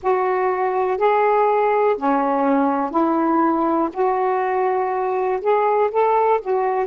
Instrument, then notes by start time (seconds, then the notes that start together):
saxophone
0.02 F#4
0.97 G#4
1.97 C#4
2.91 E4
3.93 F#4
5.41 G#4
5.91 A4
6.41 F#4